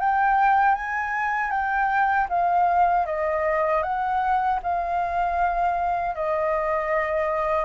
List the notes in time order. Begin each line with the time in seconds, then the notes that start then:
0.00 G5
0.75 G#5
1.50 G5
2.29 F5
3.06 D#5
3.83 F#5
4.63 F5
6.15 D#5